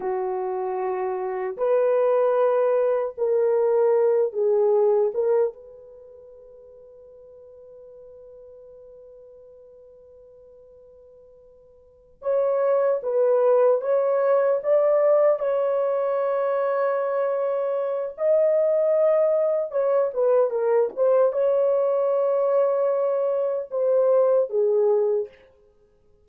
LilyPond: \new Staff \with { instrumentName = "horn" } { \time 4/4 \tempo 4 = 76 fis'2 b'2 | ais'4. gis'4 ais'8 b'4~ | b'1~ | b'2.~ b'8 cis''8~ |
cis''8 b'4 cis''4 d''4 cis''8~ | cis''2. dis''4~ | dis''4 cis''8 b'8 ais'8 c''8 cis''4~ | cis''2 c''4 gis'4 | }